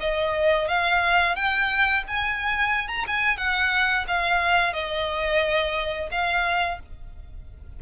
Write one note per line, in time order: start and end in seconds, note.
0.00 0.68 D#5
0.68 1.36 F5
1.36 2.04 G5
2.08 2.88 G#5
2.88 3.05 A#5
3.07 3.37 G#5
3.37 4.05 F#5
4.08 4.74 F5
4.74 6.10 D#5
6.11 6.80 F5